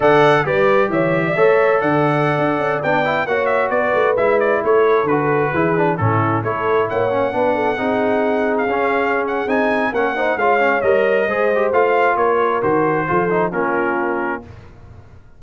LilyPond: <<
  \new Staff \with { instrumentName = "trumpet" } { \time 4/4 \tempo 4 = 133 fis''4 d''4 e''2 | fis''2~ fis''16 g''4 fis''8 e''16~ | e''16 d''4 e''8 d''8 cis''4 b'8.~ | b'4~ b'16 a'4 cis''4 fis''8.~ |
fis''2. f''4~ | f''8 fis''8 gis''4 fis''4 f''4 | dis''2 f''4 cis''4 | c''2 ais'2 | }
  \new Staff \with { instrumentName = "horn" } { \time 4/4 d''4 b'4 cis''8. d''16 cis''4 | d''2.~ d''16 cis''8.~ | cis''16 b'2 a'4.~ a'16~ | a'16 gis'4 e'4 a'4 cis''8.~ |
cis''16 b'8 a'8 gis'2~ gis'8.~ | gis'2 ais'8 c''8 cis''4~ | cis''4 c''2 ais'4~ | ais'4 a'4 f'2 | }
  \new Staff \with { instrumentName = "trombone" } { \time 4/4 a'4 g'2 a'4~ | a'2~ a'16 d'8 e'8 fis'8.~ | fis'4~ fis'16 e'2 fis'8.~ | fis'16 e'8 d'8 cis'4 e'4. cis'16~ |
cis'16 d'4 dis'2 cis'8.~ | cis'4 dis'4 cis'8 dis'8 f'8 cis'8 | ais'4 gis'8 g'8 f'2 | fis'4 f'8 dis'8 cis'2 | }
  \new Staff \with { instrumentName = "tuba" } { \time 4/4 d4 g4 e4 a4 | d4~ d16 d'8 cis'8 b4 ais8.~ | ais16 b8 a8 gis4 a4 d8.~ | d16 e4 a,4 a4 ais8.~ |
ais16 b4 c'2 cis'8.~ | cis'4 c'4 ais4 gis4 | g4 gis4 a4 ais4 | dis4 f4 ais2 | }
>>